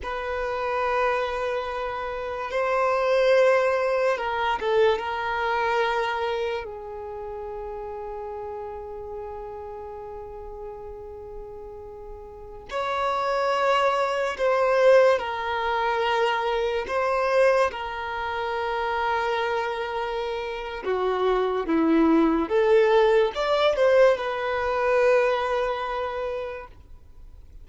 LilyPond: \new Staff \with { instrumentName = "violin" } { \time 4/4 \tempo 4 = 72 b'2. c''4~ | c''4 ais'8 a'8 ais'2 | gis'1~ | gis'2.~ gis'16 cis''8.~ |
cis''4~ cis''16 c''4 ais'4.~ ais'16~ | ais'16 c''4 ais'2~ ais'8.~ | ais'4 fis'4 e'4 a'4 | d''8 c''8 b'2. | }